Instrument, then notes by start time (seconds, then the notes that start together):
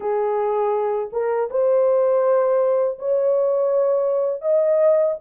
horn
0.00 G#4
1.12 A#4
1.50 C5
2.98 C#5
4.41 D#5